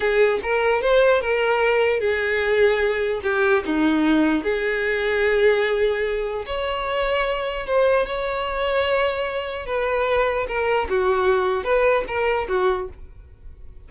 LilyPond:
\new Staff \with { instrumentName = "violin" } { \time 4/4 \tempo 4 = 149 gis'4 ais'4 c''4 ais'4~ | ais'4 gis'2. | g'4 dis'2 gis'4~ | gis'1 |
cis''2. c''4 | cis''1 | b'2 ais'4 fis'4~ | fis'4 b'4 ais'4 fis'4 | }